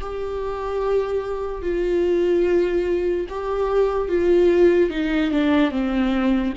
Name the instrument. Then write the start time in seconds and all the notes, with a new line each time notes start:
viola
0.00 G4
1.62 F4
3.29 G4
4.08 F4
4.90 D#4
5.31 D4
5.71 C4